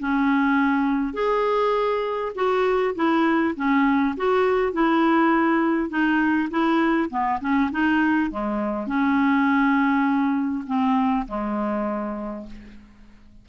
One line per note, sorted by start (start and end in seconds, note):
0.00 1.14 C#4
1.14 2.33 G#4
2.36 2.95 F#4
2.95 3.55 E4
3.56 4.16 C#4
4.17 4.73 F#4
4.73 5.90 E4
5.90 6.49 D#4
6.50 7.10 E4
7.10 7.40 B3
7.41 7.71 C#4
7.72 8.31 D#4
8.31 8.87 G#3
8.87 10.65 C#4
10.67 11.27 C4
11.28 12.47 G#3